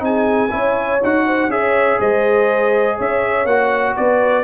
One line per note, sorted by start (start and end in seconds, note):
0.00 0.50 C4
0.00 0.49 D#4
0.00 0.52 G#4
0.00 1.03 G#5
0.51 1.02 C#4
0.51 1.00 E4
0.51 1.26 C#5
1.04 1.48 D#4
1.04 1.51 F#4
1.04 1.51 F#5
1.27 1.51 C5
1.48 1.98 C#4
1.48 3.48 G#4
1.48 2.00 C#5
1.48 2.00 E5
2.00 2.99 G#3
2.00 2.97 C5
2.00 2.99 D#5
2.97 3.45 C#4
2.97 3.95 C#5
2.97 3.47 E5
3.45 3.95 A#3
3.45 4.45 F#4
3.45 3.96 F#5
3.96 4.45 B3
3.96 4.45 B4
3.96 4.45 D5